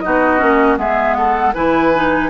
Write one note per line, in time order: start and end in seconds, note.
0.00 0.41 B3
0.00 0.39 D#4
0.00 0.79 F#4
0.00 0.76 D#5
0.39 0.77 A#3
0.39 0.77 C#4
0.77 1.53 G#3
0.77 1.53 B3
0.77 1.17 G#4
0.77 1.14 E5
1.14 1.54 A4
1.14 1.52 F#5
1.54 2.30 E3
1.54 1.92 E4
1.54 2.30 B4
1.54 2.30 G#5
1.94 2.30 D#4